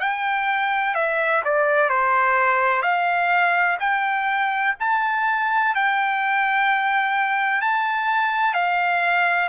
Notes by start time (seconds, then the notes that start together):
0.00 G5
0.95 E5
1.45 D5
1.90 C5
2.83 F5
3.80 G5
4.80 A5
5.75 G5
7.62 A5
8.55 F5